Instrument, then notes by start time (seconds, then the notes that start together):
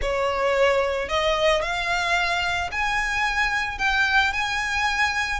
violin
0.01 C#5
1.09 D#5
1.62 F5
2.71 G#5
3.78 G5
4.32 G#5